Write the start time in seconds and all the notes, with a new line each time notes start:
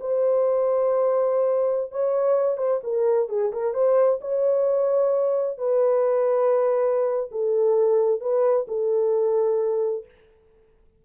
0.00 C5
1.91 C#5
2.57 C5
2.84 A#4
3.29 G#4
3.52 A#4
3.74 C5
4.21 C#5
5.58 B4
7.31 A4
8.20 B4
8.68 A4